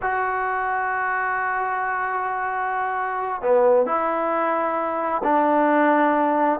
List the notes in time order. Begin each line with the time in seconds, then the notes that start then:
0.01 F#4
3.42 B3
3.85 E4
5.23 D4